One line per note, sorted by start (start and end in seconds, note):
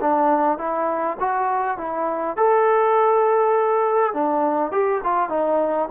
0.00 0.58 D4
0.58 1.17 E4
1.19 1.77 F#4
1.77 2.37 E4
2.37 4.13 A4
4.13 4.71 D4
4.71 5.01 G4
5.03 5.29 F4
5.29 5.88 D#4